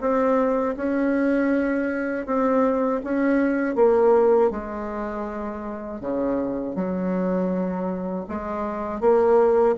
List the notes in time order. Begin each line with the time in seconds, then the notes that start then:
0.00 C4
0.76 C#4
2.26 C4
3.03 C#4
3.75 A#3
4.50 G#3
6.00 C#3
6.75 F#3
8.28 G#3
9.00 A#3